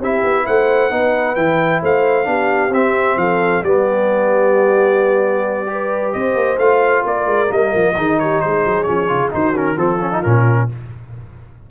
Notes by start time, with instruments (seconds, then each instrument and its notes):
0.00 tuba C4, trombone E4, horn G4, trumpet E5
0.24 tuba B3
0.47 tuba A3, horn C5, trumpet F#5
0.91 tuba B3, trombone D#4, horn B4
1.36 tuba E3, trombone E4, trumpet G5
1.82 tuba A3, horn C5, trumpet F5
2.25 tuba B3, trombone D4, horn G4
2.70 tuba C4, trombone C4, trumpet E5
3.17 tuba F3, horn A4, trumpet F5
3.63 tuba G3, trombone B3, horn G4, trumpet D5
5.67 trombone G4, horn B4
6.13 tuba C4, horn C5, trumpet D#5
6.35 tuba A#3
6.58 tuba A3, trombone F4, trumpet F5
7.04 tuba A#3, horn A#4, trumpet D5
7.26 tuba G#3
7.48 tuba G3, trombone A#3, trumpet D#5
7.75 tuba F3
7.97 tuba D#3, trombone D#4, horn G#4
8.20 horn G4, trumpet C#5
8.41 tuba G#3, horn G#4, trumpet C5
8.65 tuba F#3
8.84 tuba F3, trombone C#4, trumpet C#5
9.09 tuba C#3, trombone F4
9.31 tuba D#3, trombone D#4, horn F#4, trumpet C5
9.55 trombone C#4, trumpet A#4
9.75 tuba F3, trombone C4, horn F4, trumpet A4
10.01 trombone C#4
10.12 trombone D#4
10.23 tuba A#2, trombone C#4, trumpet A#4